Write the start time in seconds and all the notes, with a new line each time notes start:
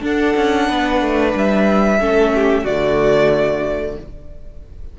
0.00 D4 A4 F#5
0.36 C#4
0.67 B3 B4
1.01 A3
1.34 G3 E5
1.99 A3 C#4 A4
2.34 G4
2.63 D3 A3 F#4 D5